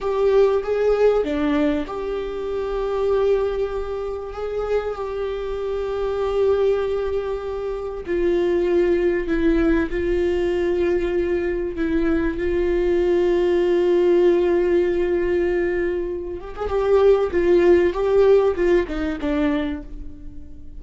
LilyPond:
\new Staff \with { instrumentName = "viola" } { \time 4/4 \tempo 4 = 97 g'4 gis'4 d'4 g'4~ | g'2. gis'4 | g'1~ | g'4 f'2 e'4 |
f'2. e'4 | f'1~ | f'2~ f'8 g'16 gis'16 g'4 | f'4 g'4 f'8 dis'8 d'4 | }